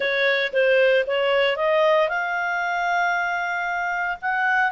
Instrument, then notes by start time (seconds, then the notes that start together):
clarinet
0.00 C#5
0.52 C5
1.06 C#5
1.56 D#5
2.08 F5
4.21 F#5